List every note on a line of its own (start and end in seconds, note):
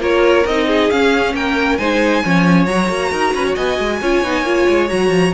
0.00 0.44 A#3
0.00 0.45 F4
0.00 0.67 A#4
0.00 0.47 C#5
0.46 0.90 C4
0.46 0.91 D#4
0.46 0.90 D#5
0.67 1.34 G#4
0.90 1.80 C#4
0.90 1.34 C#4
0.90 1.35 F5
1.34 1.79 A#3
1.34 1.79 A#4
1.34 1.77 G5
1.77 2.23 G#3
1.77 2.23 D#4
1.77 2.24 C5
1.77 2.66 G#5
2.23 2.67 F3
2.23 2.67 C#4
2.23 3.11 C#5
2.66 2.89 F#3
2.66 4.03 F#4
2.66 3.55 A#5
2.89 3.11 A#3
3.11 3.34 D#4
3.11 3.33 A#4
3.34 3.56 C#4
3.34 3.46 B4
3.47 3.55 C#5
3.55 3.79 B3
3.55 3.99 D#5
3.55 4.89 G#5
3.79 4.01 G#3
4.01 4.24 C#4
4.01 4.24 F4
4.01 5.34 C#5
4.24 4.42 B3
4.24 4.45 D#4
4.42 4.65 A#3
4.42 4.88 F4
4.69 4.91 G#3
4.88 5.10 F#3
4.88 5.33 F#4
4.88 5.33 A#5
5.10 5.32 F3